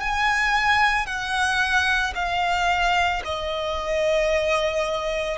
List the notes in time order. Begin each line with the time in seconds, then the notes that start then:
0.00 G#5
1.06 F#5
2.15 F5
3.25 D#5